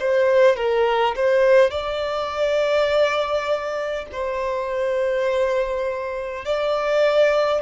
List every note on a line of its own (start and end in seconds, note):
0.00 0.57 C5
0.57 1.16 A#4
1.16 1.71 C5
1.71 4.06 D5
4.12 6.45 C5
6.45 7.63 D5